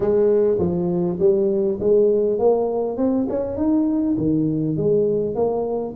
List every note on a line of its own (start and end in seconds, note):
0.00 0.58 G#3
0.58 1.18 F3
1.19 1.78 G3
1.80 2.38 G#3
2.38 2.97 A#3
2.97 3.26 C4
3.29 3.56 C#4
3.56 4.16 D#4
4.17 4.76 D#3
4.76 5.35 G#3
5.35 5.94 A#3